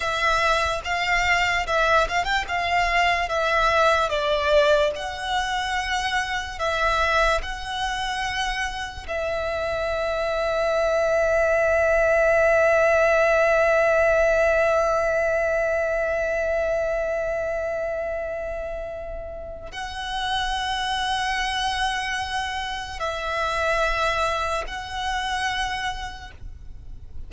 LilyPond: \new Staff \with { instrumentName = "violin" } { \time 4/4 \tempo 4 = 73 e''4 f''4 e''8 f''16 g''16 f''4 | e''4 d''4 fis''2 | e''4 fis''2 e''4~ | e''1~ |
e''1~ | e''1 | fis''1 | e''2 fis''2 | }